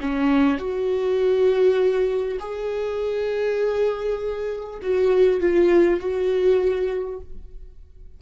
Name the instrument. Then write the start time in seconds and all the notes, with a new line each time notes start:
viola
0.00 C#4
0.58 F#4
2.39 G#4
4.82 F#4
5.40 F4
5.99 F#4